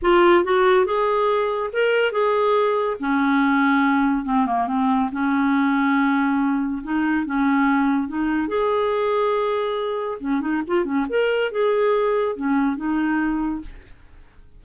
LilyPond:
\new Staff \with { instrumentName = "clarinet" } { \time 4/4 \tempo 4 = 141 f'4 fis'4 gis'2 | ais'4 gis'2 cis'4~ | cis'2 c'8 ais8 c'4 | cis'1 |
dis'4 cis'2 dis'4 | gis'1 | cis'8 dis'8 f'8 cis'8 ais'4 gis'4~ | gis'4 cis'4 dis'2 | }